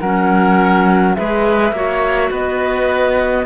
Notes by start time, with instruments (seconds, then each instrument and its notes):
0.00 cello F#3, clarinet C#4, oboe A#4, flute F#5
1.15 cello G#3, clarinet G#4, oboe B4, flute E5
1.72 cello A#3, clarinet F#4, oboe C#5
2.30 cello B3, oboe B4, flute D#5